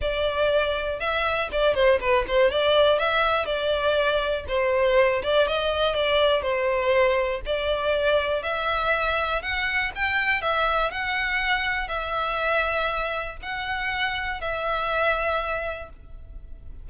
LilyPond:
\new Staff \with { instrumentName = "violin" } { \time 4/4 \tempo 4 = 121 d''2 e''4 d''8 c''8 | b'8 c''8 d''4 e''4 d''4~ | d''4 c''4. d''8 dis''4 | d''4 c''2 d''4~ |
d''4 e''2 fis''4 | g''4 e''4 fis''2 | e''2. fis''4~ | fis''4 e''2. | }